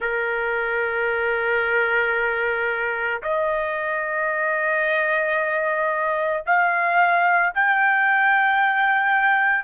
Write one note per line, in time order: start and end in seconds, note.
0.00 3.21 A#4
3.22 6.43 D#5
6.46 7.53 F5
7.54 9.64 G5